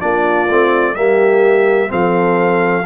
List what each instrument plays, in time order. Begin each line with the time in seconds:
0.00 tuba A#3, trombone D4, horn F4, trumpet D5
0.48 tuba A3, trombone C4
0.94 tuba G3, trombone A#3, horn G4, trumpet E5
1.88 tuba F3, trombone C4, horn A4, trumpet F5